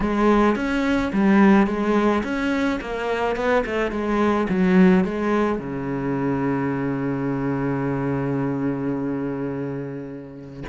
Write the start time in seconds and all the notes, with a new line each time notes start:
0.00 G#3
0.55 C#4
1.12 G3
1.66 G#3
2.23 C#4
2.80 A#3
3.35 B3
3.66 A3
3.91 G#3
4.49 F#3
5.04 G#3
5.58 C#3